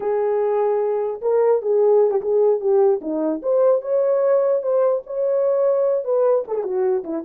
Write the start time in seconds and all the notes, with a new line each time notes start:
0.00 G#4
1.21 A#4
1.61 G#4
2.10 G4
2.21 G#4
2.60 G4
3.01 D#4
3.42 C5
3.81 C#5
4.62 C5
5.06 C#5
6.04 B4
6.47 A4
6.54 G#4
6.63 F#4
7.03 E4